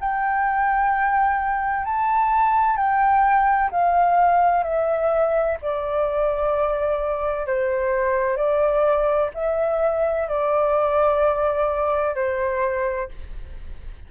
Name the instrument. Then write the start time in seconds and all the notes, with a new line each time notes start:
flute
0.00 G5
1.85 A5
2.76 G5
3.71 F5
4.63 E5
5.62 D5
7.47 C5
8.36 D5
9.34 E5
10.28 D5
12.15 C5